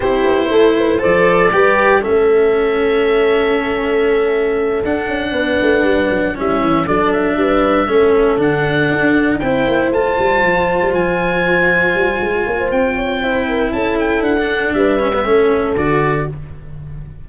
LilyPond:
<<
  \new Staff \with { instrumentName = "oboe" } { \time 4/4 \tempo 4 = 118 c''2 d''2 | e''1~ | e''4. fis''2~ fis''8~ | fis''8 e''4 d''8 e''2~ |
e''8 fis''2 g''4 a''8~ | a''4. gis''2~ gis''8~ | gis''4 g''2 a''8 g''8 | fis''4 e''2 d''4 | }
  \new Staff \with { instrumentName = "horn" } { \time 4/4 g'4 a'8 b'8 c''4 b'4 | a'1~ | a'2~ a'8 b'4.~ | b'8 e'4 a'4 b'4 a'8~ |
a'2~ a'8 c''4.~ | c''1~ | c''8 cis''16 c''8. cis''8 c''8 ais'8 a'4~ | a'4 b'4 a'2 | }
  \new Staff \with { instrumentName = "cello" } { \time 4/4 e'2 a'4 g'4 | cis'1~ | cis'4. d'2~ d'8~ | d'8 cis'4 d'2 cis'8~ |
cis'8 d'2 e'4 f'8~ | f'1~ | f'2 e'2~ | e'16 d'4~ d'16 cis'16 b16 cis'4 fis'4 | }
  \new Staff \with { instrumentName = "tuba" } { \time 4/4 c'8 b8 a4 f4 g4 | a1~ | a4. d'8 cis'8 b8 a8 g8 | fis8 g8 e8 fis4 g4 a8~ |
a8 d4 d'4 c'8 ais8 a8 | g8 f8. g16 f2 g8 | gis8 ais8 c'2 cis'4 | d'4 g4 a4 d4 | }
>>